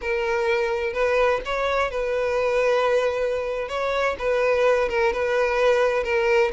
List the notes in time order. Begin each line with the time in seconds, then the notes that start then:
0.01 A#4
0.93 B4
1.45 C#5
1.90 B4
3.68 C#5
4.19 B4
4.89 A#4
5.12 B4
6.03 A#4